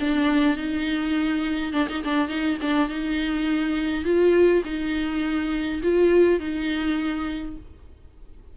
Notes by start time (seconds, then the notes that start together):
0.00 D4
0.57 D#4
1.73 D4
1.89 D#4
2.04 D4
2.29 D#4
2.62 D4
2.89 D#4
4.05 F4
4.65 D#4
5.83 F4
6.40 D#4